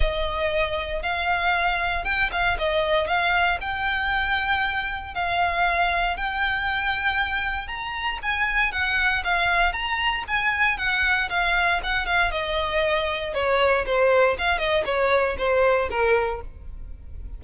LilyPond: \new Staff \with { instrumentName = "violin" } { \time 4/4 \tempo 4 = 117 dis''2 f''2 | g''8 f''8 dis''4 f''4 g''4~ | g''2 f''2 | g''2. ais''4 |
gis''4 fis''4 f''4 ais''4 | gis''4 fis''4 f''4 fis''8 f''8 | dis''2 cis''4 c''4 | f''8 dis''8 cis''4 c''4 ais'4 | }